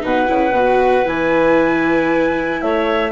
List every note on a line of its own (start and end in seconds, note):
0.00 0.29 B2
0.00 0.26 D#4
0.00 2.62 B4
0.00 1.07 F#5
0.26 0.51 C#3
0.26 0.52 E4
0.51 1.02 B2
0.51 1.05 F#4
1.05 2.61 E3
1.05 3.11 E4
1.05 2.61 G#5
2.61 3.11 A3
2.61 3.11 C#5
2.61 3.11 E5